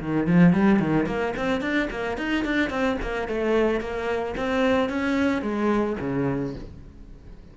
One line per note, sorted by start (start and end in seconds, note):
0.00 0.27 D#3
0.27 0.53 F3
0.53 0.79 G3
0.79 1.06 D#3
1.06 1.34 A#3
1.36 1.61 C4
1.61 1.88 D4
1.90 2.17 A#3
2.17 2.44 D#4
2.45 2.70 D4
2.70 2.97 C4
3.01 3.28 A#3
3.28 3.80 A3
3.80 4.35 A#3
4.36 4.89 C4
4.89 5.42 C#4
5.42 5.96 G#3
6.00 6.54 C#3